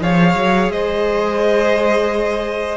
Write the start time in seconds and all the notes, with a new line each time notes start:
0.00 F3 G#4 C#5 F5
0.35 F#3
0.69 G#3 C5 D#5